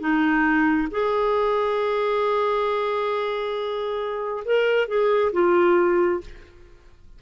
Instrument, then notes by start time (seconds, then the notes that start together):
clarinet
0.00 D#4
0.91 G#4
4.45 A#4
4.88 G#4
5.33 F4